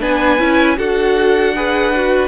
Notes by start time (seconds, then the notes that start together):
0.00 B3 D4 B4 G#5
0.38 C#4 E4
0.77 D4 F#4 A4 F#5
1.56 G#4 B4
1.96 F#4